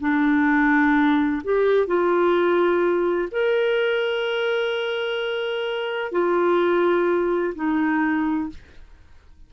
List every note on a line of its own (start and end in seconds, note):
0.00 1.42 D4
1.43 1.87 G4
1.87 3.28 F4
3.31 6.12 A#4
6.12 7.53 F4
7.55 8.49 D#4